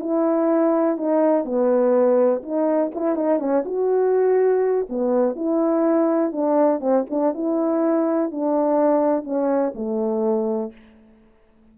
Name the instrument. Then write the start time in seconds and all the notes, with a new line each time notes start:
horn
0.00 E4
0.97 D#4
1.45 B3
2.43 D#4
2.94 E4
3.15 D#4
3.39 C#4
3.65 F#4
4.89 B3
5.35 E4
6.32 D4
6.80 C4
7.10 D4
7.34 E4
8.31 D4
9.24 C#4
9.74 A3